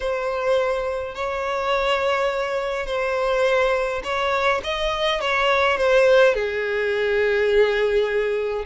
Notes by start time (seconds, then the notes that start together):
0.00 C5
1.15 C#5
2.86 C5
4.03 C#5
4.63 D#5
5.20 C#5
5.77 C5
6.34 G#4